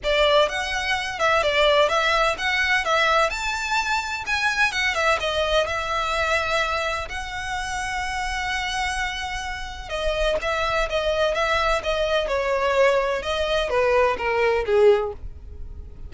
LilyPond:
\new Staff \with { instrumentName = "violin" } { \time 4/4 \tempo 4 = 127 d''4 fis''4. e''8 d''4 | e''4 fis''4 e''4 a''4~ | a''4 gis''4 fis''8 e''8 dis''4 | e''2. fis''4~ |
fis''1~ | fis''4 dis''4 e''4 dis''4 | e''4 dis''4 cis''2 | dis''4 b'4 ais'4 gis'4 | }